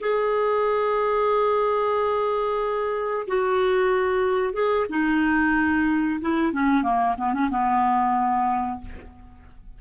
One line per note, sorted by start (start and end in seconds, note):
0.00 3.26 G#4
3.27 4.53 F#4
4.53 4.86 G#4
4.89 6.20 D#4
6.21 6.52 E4
6.52 6.83 C#4
6.83 7.15 A#3
7.17 7.33 B3
7.33 7.49 C#4
7.50 8.80 B3